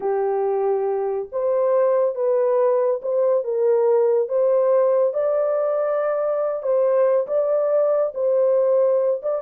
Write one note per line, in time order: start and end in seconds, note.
0.00 1.28 G4
1.31 2.15 C5
2.15 3.00 B4
3.02 3.43 C5
3.43 4.28 A#4
4.28 5.13 C5
5.13 6.62 D5
6.62 7.26 C5
7.27 8.13 D5
8.14 9.21 C5
9.22 9.42 D5